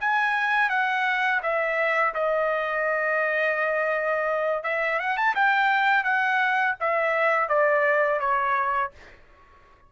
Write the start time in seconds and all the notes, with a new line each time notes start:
0.00 G#5
0.69 F#5
1.42 E5
2.14 D#5
4.63 E5
4.99 F#5
5.17 A5
5.35 G5
6.04 F#5
6.80 E5
7.48 D5
8.19 C#5